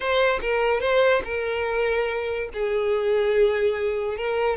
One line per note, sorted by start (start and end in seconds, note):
0.00 0.40 C5
0.41 0.80 A#4
0.80 1.22 C5
1.24 2.49 A#4
2.53 4.17 G#4
4.17 4.57 A#4